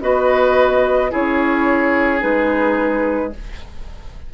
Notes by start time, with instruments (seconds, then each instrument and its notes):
0.00 bassoon B3, clarinet F#4, oboe B4, flute D#5
1.10 bassoon C#4, clarinet E4, oboe G#4, flute C#5
2.19 bassoon G#3, clarinet D#4, flute B4